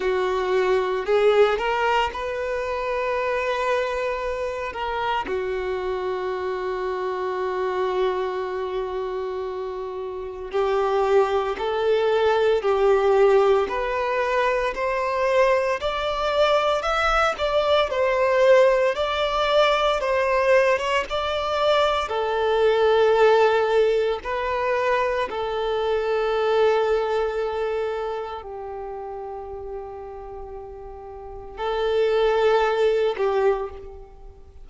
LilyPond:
\new Staff \with { instrumentName = "violin" } { \time 4/4 \tempo 4 = 57 fis'4 gis'8 ais'8 b'2~ | b'8 ais'8 fis'2.~ | fis'2 g'4 a'4 | g'4 b'4 c''4 d''4 |
e''8 d''8 c''4 d''4 c''8. cis''16 | d''4 a'2 b'4 | a'2. g'4~ | g'2 a'4. g'8 | }